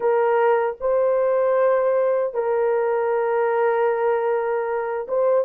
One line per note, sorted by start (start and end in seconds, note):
0.00 0.76 A#4
0.80 2.34 C5
2.34 5.06 A#4
5.08 5.45 C5